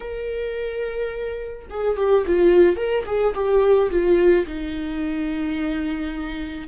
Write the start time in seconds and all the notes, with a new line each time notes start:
0.00 A#4
1.69 G#4
1.96 G4
2.26 F4
2.76 A#4
3.06 G#4
3.34 G4
3.90 F4
4.46 D#4